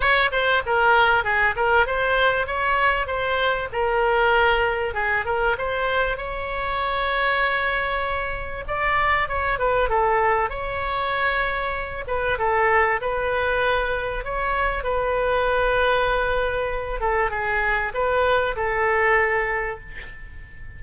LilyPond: \new Staff \with { instrumentName = "oboe" } { \time 4/4 \tempo 4 = 97 cis''8 c''8 ais'4 gis'8 ais'8 c''4 | cis''4 c''4 ais'2 | gis'8 ais'8 c''4 cis''2~ | cis''2 d''4 cis''8 b'8 |
a'4 cis''2~ cis''8 b'8 | a'4 b'2 cis''4 | b'2.~ b'8 a'8 | gis'4 b'4 a'2 | }